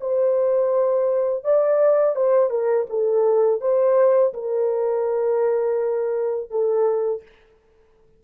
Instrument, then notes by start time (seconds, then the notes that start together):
horn
0.00 C5
1.44 D5
2.15 C5
2.50 A#4
2.89 A4
3.60 C5
4.33 A#4
6.50 A4